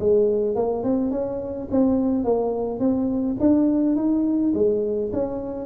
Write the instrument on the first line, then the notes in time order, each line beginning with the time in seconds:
tuba
0.00 G#3
0.56 A#3
0.84 C4
1.12 C#4
1.71 C4
2.25 A#3
2.80 C4
3.40 D4
3.96 D#4
4.55 G#3
5.14 C#4